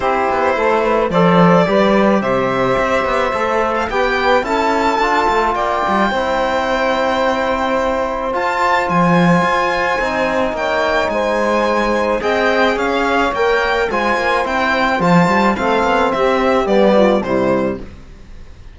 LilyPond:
<<
  \new Staff \with { instrumentName = "violin" } { \time 4/4 \tempo 4 = 108 c''2 d''2 | e''2~ e''8. f''16 g''4 | a''2 g''2~ | g''2. a''4 |
gis''2. g''4 | gis''2 g''4 f''4 | g''4 gis''4 g''4 a''4 | f''4 e''4 d''4 c''4 | }
  \new Staff \with { instrumentName = "saxophone" } { \time 4/4 g'4 a'8 b'8 c''4 b'4 | c''2. b'4 | a'2 d''4 c''4~ | c''1~ |
c''2. cis''4 | c''2 dis''4 cis''4~ | cis''4 c''2. | a'4 g'4. f'8 e'4 | }
  \new Staff \with { instrumentName = "trombone" } { \time 4/4 e'2 a'4 g'4~ | g'2 a'4 g'4 | e'4 f'2 e'4~ | e'2. f'4~ |
f'2 dis'2~ | dis'2 gis'2 | ais'4 f'4 e'4 f'4 | c'2 b4 g4 | }
  \new Staff \with { instrumentName = "cello" } { \time 4/4 c'8 b8 a4 f4 g4 | c4 c'8 b8 a4 b4 | cis'4 d'8 a8 ais8 g8 c'4~ | c'2. f'4 |
f4 f'4 c'4 ais4 | gis2 c'4 cis'4 | ais4 gis8 ais8 c'4 f8 g8 | a8 b8 c'4 g4 c4 | }
>>